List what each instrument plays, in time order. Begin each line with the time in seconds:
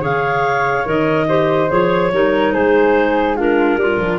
0.00 tuba C#3, clarinet G#4 F5, flute C#5
0.84 tuba D#3, clarinet A#4 D#5
1.28 clarinet G4, flute C5
1.68 tuba F3, clarinet G#4 C#5
2.11 tuba G3, clarinet D#4, flute A#4
2.52 tuba G#3, flute G#4, clarinet C5
3.36 clarinet D4 A#4, flute F4
3.76 tuba G3, flute D4, clarinet F4
3.98 tuba F3